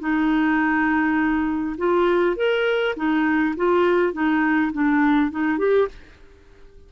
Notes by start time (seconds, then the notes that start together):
0.00 D#4
1.78 F4
2.36 A#4
2.96 D#4
3.56 F4
4.13 D#4
4.73 D4
5.31 D#4
5.59 G4